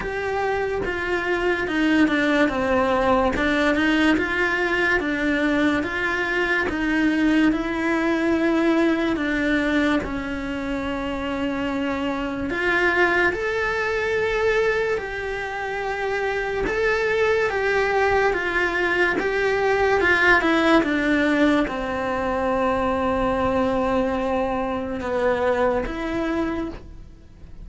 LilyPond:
\new Staff \with { instrumentName = "cello" } { \time 4/4 \tempo 4 = 72 g'4 f'4 dis'8 d'8 c'4 | d'8 dis'8 f'4 d'4 f'4 | dis'4 e'2 d'4 | cis'2. f'4 |
a'2 g'2 | a'4 g'4 f'4 g'4 | f'8 e'8 d'4 c'2~ | c'2 b4 e'4 | }